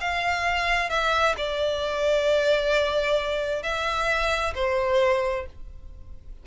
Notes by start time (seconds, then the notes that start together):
0.00 F5
0.89 E5
1.37 D5
3.62 E5
4.55 C5